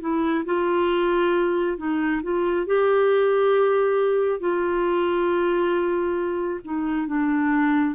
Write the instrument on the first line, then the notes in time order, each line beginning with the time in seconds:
clarinet
0.00 E4
0.45 F4
1.77 D#4
2.23 F4
2.66 G4
4.40 F4
6.64 D#4
7.07 D4